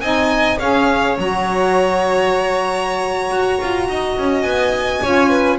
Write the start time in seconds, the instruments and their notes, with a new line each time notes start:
0.00 double bass C4, saxophone D#4, violin D#5 G#5
0.59 double bass C#4, saxophone G#4, violin C#5 F5
1.17 double bass F#3, saxophone F#4, violin A#5
3.30 double bass F#4
3.60 double bass F4
3.88 double bass D#4, violin D#5
4.18 double bass C#4
4.42 double bass B3, violin G#5
5.02 double bass C#4, saxophone F4, violin C#5
5.29 violin B4